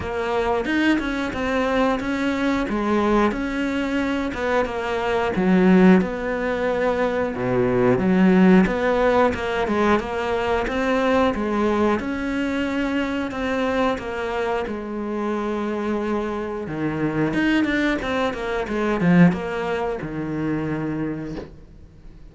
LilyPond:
\new Staff \with { instrumentName = "cello" } { \time 4/4 \tempo 4 = 90 ais4 dis'8 cis'8 c'4 cis'4 | gis4 cis'4. b8 ais4 | fis4 b2 b,4 | fis4 b4 ais8 gis8 ais4 |
c'4 gis4 cis'2 | c'4 ais4 gis2~ | gis4 dis4 dis'8 d'8 c'8 ais8 | gis8 f8 ais4 dis2 | }